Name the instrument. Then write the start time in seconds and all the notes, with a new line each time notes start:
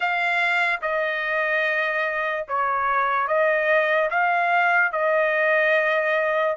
trumpet
0.00 F5
0.81 D#5
2.48 C#5
3.27 D#5
4.10 F5
4.92 D#5